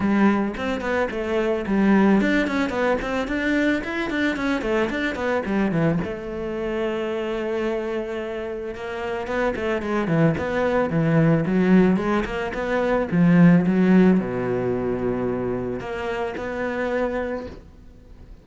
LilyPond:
\new Staff \with { instrumentName = "cello" } { \time 4/4 \tempo 4 = 110 g4 c'8 b8 a4 g4 | d'8 cis'8 b8 c'8 d'4 e'8 d'8 | cis'8 a8 d'8 b8 g8 e8 a4~ | a1 |
ais4 b8 a8 gis8 e8 b4 | e4 fis4 gis8 ais8 b4 | f4 fis4 b,2~ | b,4 ais4 b2 | }